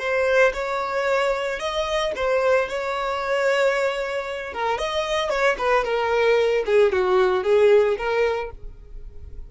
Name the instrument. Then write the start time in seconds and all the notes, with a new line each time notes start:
violin
0.00 C5
0.54 C#5
1.60 D#5
2.16 C5
2.69 C#5
4.54 A#4
4.79 D#5
5.30 C#5
5.59 B4
5.85 A#4
6.66 G#4
6.93 F#4
7.44 G#4
7.98 A#4